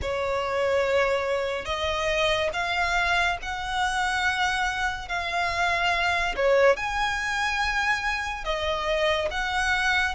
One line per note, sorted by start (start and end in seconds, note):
0.01 1.65 C#5
1.65 2.49 D#5
2.53 3.37 F5
3.41 5.08 F#5
5.08 6.35 F5
6.36 6.76 C#5
6.76 8.44 G#5
8.44 9.28 D#5
9.30 10.14 F#5